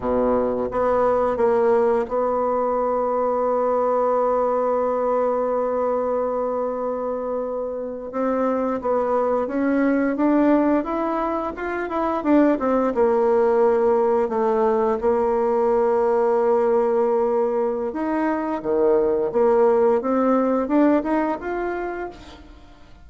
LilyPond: \new Staff \with { instrumentName = "bassoon" } { \time 4/4 \tempo 4 = 87 b,4 b4 ais4 b4~ | b1~ | b2.~ b8. c'16~ | c'8. b4 cis'4 d'4 e'16~ |
e'8. f'8 e'8 d'8 c'8 ais4~ ais16~ | ais8. a4 ais2~ ais16~ | ais2 dis'4 dis4 | ais4 c'4 d'8 dis'8 f'4 | }